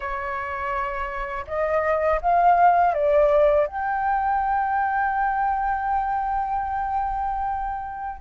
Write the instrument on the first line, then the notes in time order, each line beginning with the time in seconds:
flute
0.00 C#5
1.47 D#5
2.21 F5
2.93 D5
3.66 G5